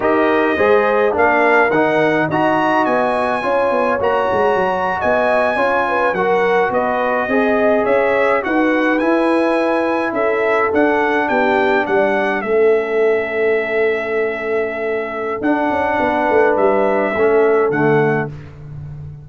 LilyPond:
<<
  \new Staff \with { instrumentName = "trumpet" } { \time 4/4 \tempo 4 = 105 dis''2 f''4 fis''4 | ais''4 gis''2 ais''4~ | ais''8. gis''2 fis''4 dis''16~ | dis''4.~ dis''16 e''4 fis''4 gis''16~ |
gis''4.~ gis''16 e''4 fis''4 g''16~ | g''8. fis''4 e''2~ e''16~ | e''2. fis''4~ | fis''4 e''2 fis''4 | }
  \new Staff \with { instrumentName = "horn" } { \time 4/4 ais'4 c''4 ais'2 | dis''2 cis''2~ | cis''8. dis''4 cis''8 b'8 ais'4 b'16~ | b'8. dis''4 cis''4 b'4~ b'16~ |
b'4.~ b'16 a'2 g'16~ | g'8. d''4 a'2~ a'16~ | a'1 | b'2 a'2 | }
  \new Staff \with { instrumentName = "trombone" } { \time 4/4 g'4 gis'4 d'4 dis'4 | fis'2 f'4 fis'4~ | fis'4.~ fis'16 f'4 fis'4~ fis'16~ | fis'8. gis'2 fis'4 e'16~ |
e'2~ e'8. d'4~ d'16~ | d'4.~ d'16 cis'2~ cis'16~ | cis'2. d'4~ | d'2 cis'4 a4 | }
  \new Staff \with { instrumentName = "tuba" } { \time 4/4 dis'4 gis4 ais4 dis4 | dis'4 b4 cis'8 b8 ais8 gis8 | fis8. b4 cis'4 fis4 b16~ | b8. c'4 cis'4 dis'4 e'16~ |
e'4.~ e'16 cis'4 d'4 b16~ | b8. g4 a2~ a16~ | a2. d'8 cis'8 | b8 a8 g4 a4 d4 | }
>>